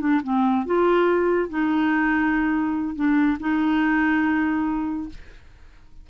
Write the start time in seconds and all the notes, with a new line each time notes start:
0.00 D4
0.23 C4
0.65 F4
1.49 D#4
2.95 D4
3.40 D#4